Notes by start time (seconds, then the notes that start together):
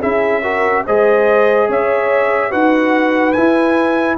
0.00 C#4 E4 G#4 E5
0.42 F#4 A#4
0.86 G#3 G#4 C5 D#5
1.69 C#4 C#5 E5
2.50 D#4 F#4 B4 F#5
3.33 E4 G#5